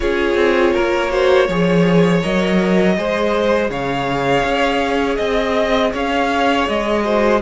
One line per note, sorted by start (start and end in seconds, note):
0.00 0.34 C#4
0.00 1.09 F4
0.00 0.73 G#4
0.00 2.21 C#5
0.34 0.71 C4
0.73 1.48 A#3
0.73 1.10 A#4
1.09 1.46 F#4
1.09 1.47 C5
1.47 2.22 F3
1.47 2.21 G#4
1.47 2.95 C#5
2.21 2.97 F#3
2.21 2.96 A#4
2.21 3.70 D#5
2.97 3.69 G#3
2.97 7.03 G#4
2.97 3.70 C5
3.69 4.43 C#3
3.69 5.18 C#5
3.69 5.16 F5
4.44 5.18 C#4
5.16 5.92 C4
5.16 5.90 D#5
5.16 5.92 D#5
5.92 6.68 C#4
5.92 7.03 C#5
5.92 6.68 F5
6.68 7.41 G#3
6.68 7.41 D#5
7.03 7.40 F#4
7.03 7.41 C5